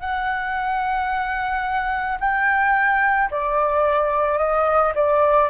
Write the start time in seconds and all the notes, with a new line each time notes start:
0.00 F#5
2.20 G5
3.30 D5
4.38 D#5
4.95 D5